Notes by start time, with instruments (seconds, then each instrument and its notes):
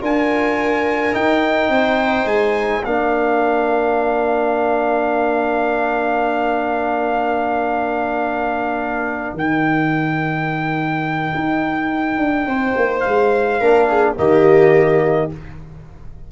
0.00 tuba D4, trombone F4, viola A#4, trumpet G#5
1.12 trombone D#4, tuba D#4, trumpet G5
1.69 tuba C4, viola C5
2.25 tuba G#3, trumpet G#5
2.83 tuba A#3, trombone D4, viola A#4, trumpet F5
9.33 tuba D#3, trombone D#4, trumpet G5
11.34 tuba D#4
12.17 tuba D4
12.46 tuba C4, viola C5
12.76 tuba A#3
13.00 trumpet F5
13.06 tuba G#3
13.59 tuba A#3, trombone D4, viola A#4
13.88 viola G#4
14.16 tuba D#3, trombone A#3, viola G4, trumpet D#5